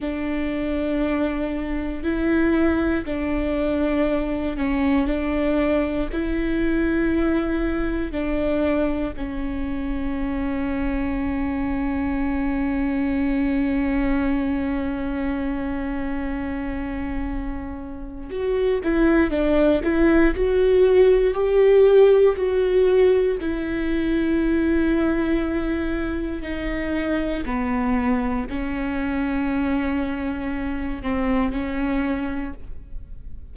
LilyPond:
\new Staff \with { instrumentName = "viola" } { \time 4/4 \tempo 4 = 59 d'2 e'4 d'4~ | d'8 cis'8 d'4 e'2 | d'4 cis'2.~ | cis'1~ |
cis'2 fis'8 e'8 d'8 e'8 | fis'4 g'4 fis'4 e'4~ | e'2 dis'4 b4 | cis'2~ cis'8 c'8 cis'4 | }